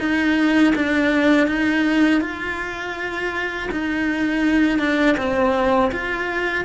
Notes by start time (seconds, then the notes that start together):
0.00 D#4
0.76 D4
1.48 D#4
2.22 F4
3.72 D#4
4.79 D4
5.18 C4
5.93 F4